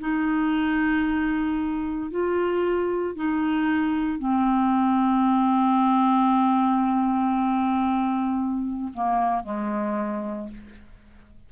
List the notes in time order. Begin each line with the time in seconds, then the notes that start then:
0.00 D#4
2.11 F4
3.15 D#4
4.19 C4
8.94 A#3
9.43 G#3